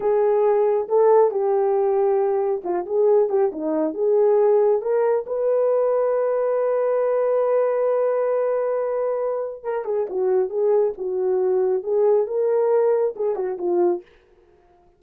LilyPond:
\new Staff \with { instrumentName = "horn" } { \time 4/4 \tempo 4 = 137 gis'2 a'4 g'4~ | g'2 f'8 gis'4 g'8 | dis'4 gis'2 ais'4 | b'1~ |
b'1~ | b'2 ais'8 gis'8 fis'4 | gis'4 fis'2 gis'4 | ais'2 gis'8 fis'8 f'4 | }